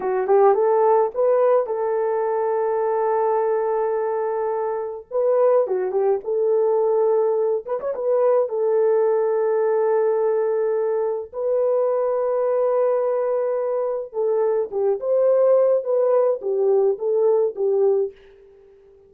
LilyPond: \new Staff \with { instrumentName = "horn" } { \time 4/4 \tempo 4 = 106 fis'8 g'8 a'4 b'4 a'4~ | a'1~ | a'4 b'4 fis'8 g'8 a'4~ | a'4. b'16 cis''16 b'4 a'4~ |
a'1 | b'1~ | b'4 a'4 g'8 c''4. | b'4 g'4 a'4 g'4 | }